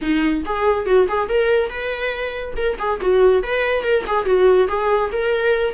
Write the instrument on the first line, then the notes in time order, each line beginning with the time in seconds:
viola
0.01 D#4
0.45 G#4
0.86 F#4
1.08 G#4
1.28 A#4
1.69 B4
2.56 A#4
2.78 G#4
3.00 F#4
3.42 B4
3.83 A#4
4.06 G#4
4.25 F#4
4.68 G#4
5.12 A#4